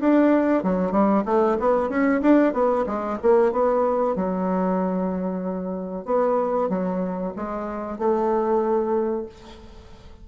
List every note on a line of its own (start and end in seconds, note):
0.00 0.63 D4
0.63 0.92 F#3
0.92 1.24 G3
1.25 1.57 A3
1.60 1.89 B3
1.89 2.21 C#4
2.22 2.53 D4
2.53 2.85 B3
2.86 3.18 G#3
3.22 3.52 A#3
3.52 4.16 B3
4.16 6.05 F#3
6.05 6.69 B3
6.69 7.33 F#3
7.36 7.98 G#3
7.98 9.26 A3